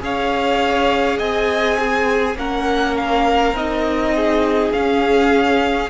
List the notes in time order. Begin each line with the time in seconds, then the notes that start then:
0.00 C#4 G#4 C#5 F5
1.18 C4 D#5 G#5
1.79 G#4
2.36 A#3 C#4 A#4 F#5
2.98 F5
3.53 C4 D#4 D#5
4.15 G#4
4.73 C#4 F5